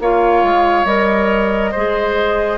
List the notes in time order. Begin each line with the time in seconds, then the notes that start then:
0.00 A#3 F4 C#5 F5
0.43 G#3
0.85 G3 A#4 D#5
1.71 G#3 G#4 C5